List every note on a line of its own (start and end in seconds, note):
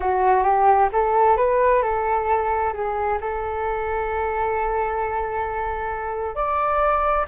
0.00 0.43 F#4
0.43 0.88 G4
0.92 1.36 A4
1.36 1.82 B4
1.82 2.73 A4
2.73 3.19 G#4
3.20 6.35 A4
6.35 7.26 D5